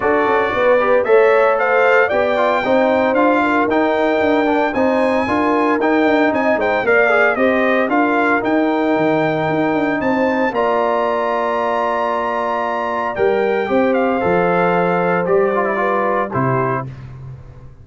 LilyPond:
<<
  \new Staff \with { instrumentName = "trumpet" } { \time 4/4 \tempo 4 = 114 d''2 e''4 f''4 | g''2 f''4 g''4~ | g''4 gis''2 g''4 | gis''8 g''8 f''4 dis''4 f''4 |
g''2. a''4 | ais''1~ | ais''4 g''4. f''4.~ | f''4 d''2 c''4 | }
  \new Staff \with { instrumentName = "horn" } { \time 4/4 a'4 b'4 cis''4 c''4 | d''4 c''4. ais'4.~ | ais'4 c''4 ais'2 | dis''8 c''8 d''4 c''4 ais'4~ |
ais'2. c''4 | d''1~ | d''2 c''2~ | c''2 b'4 g'4 | }
  \new Staff \with { instrumentName = "trombone" } { \time 4/4 fis'4. g'8 a'2 | g'8 f'8 dis'4 f'4 dis'4~ | dis'8 d'8 dis'4 f'4 dis'4~ | dis'4 ais'8 gis'8 g'4 f'4 |
dis'1 | f'1~ | f'4 ais'4 g'4 a'4~ | a'4 g'8 f'16 e'16 f'4 e'4 | }
  \new Staff \with { instrumentName = "tuba" } { \time 4/4 d'8 cis'8 b4 a2 | b4 c'4 d'4 dis'4 | d'4 c'4 d'4 dis'8 d'8 | c'8 gis8 ais4 c'4 d'4 |
dis'4 dis4 dis'8 d'8 c'4 | ais1~ | ais4 g4 c'4 f4~ | f4 g2 c4 | }
>>